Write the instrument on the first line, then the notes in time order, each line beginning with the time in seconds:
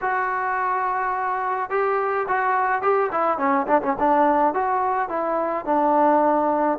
trombone
0.01 F#4
1.70 G4
2.27 F#4
2.81 G4
3.11 E4
3.38 C#4
3.67 D4
3.82 C#4
3.99 D4
4.54 F#4
5.08 E4
5.65 D4